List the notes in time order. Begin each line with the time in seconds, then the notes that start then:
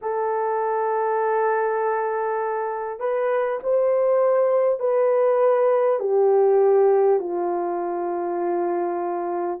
0.01 A4
2.99 B4
3.63 C5
4.79 B4
5.99 G4
7.19 F4